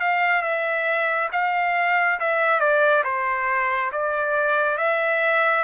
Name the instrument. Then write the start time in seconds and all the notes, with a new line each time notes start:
trumpet
0.00 F5
0.42 E5
1.32 F5
2.19 E5
2.60 D5
3.04 C5
3.92 D5
4.77 E5